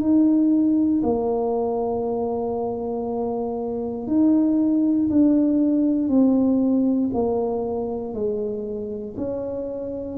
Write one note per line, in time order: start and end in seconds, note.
0.00 1.02 D#4
1.03 4.07 A#3
4.07 5.09 D#4
5.10 6.09 D4
6.09 7.10 C4
7.14 8.14 A#3
8.14 9.16 G#3
9.17 10.18 C#4